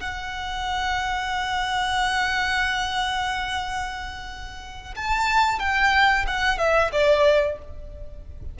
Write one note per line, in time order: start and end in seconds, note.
0.00 4.95 F#5
4.96 5.59 A5
5.59 6.25 G5
6.27 6.58 F#5
6.58 6.91 E5
6.92 7.58 D5